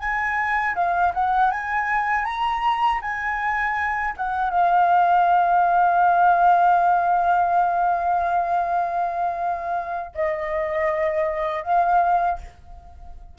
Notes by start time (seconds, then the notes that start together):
0.00 G#5
0.76 F5
1.15 F#5
1.52 G#5
2.25 A#5
3.02 G#5
4.17 F#5
4.51 F5
10.15 D#5
11.64 F5